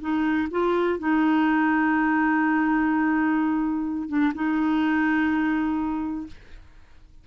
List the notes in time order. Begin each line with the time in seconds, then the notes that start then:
0.00 D#4
0.51 F4
0.99 D#4
4.08 D4
4.34 D#4